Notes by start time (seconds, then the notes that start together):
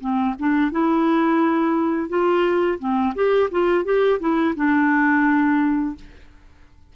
0.00 C4
0.39 D4
0.72 E4
2.09 F4
2.79 C4
3.15 G4
3.51 F4
3.85 G4
4.20 E4
4.56 D4